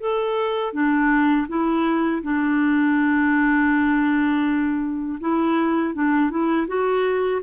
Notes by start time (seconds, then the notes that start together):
0.00 A4
0.73 D4
1.48 E4
2.22 D4
5.20 E4
5.94 D4
6.30 E4
6.67 F#4